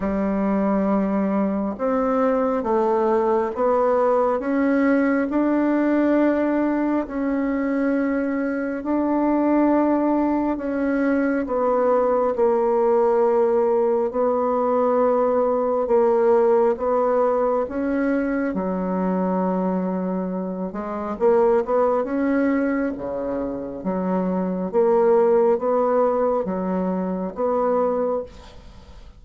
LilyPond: \new Staff \with { instrumentName = "bassoon" } { \time 4/4 \tempo 4 = 68 g2 c'4 a4 | b4 cis'4 d'2 | cis'2 d'2 | cis'4 b4 ais2 |
b2 ais4 b4 | cis'4 fis2~ fis8 gis8 | ais8 b8 cis'4 cis4 fis4 | ais4 b4 fis4 b4 | }